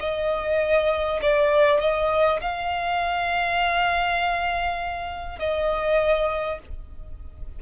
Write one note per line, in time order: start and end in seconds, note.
0.00 1.20 D#5
1.22 1.81 D5
1.81 2.41 D#5
2.41 5.39 F5
5.39 6.59 D#5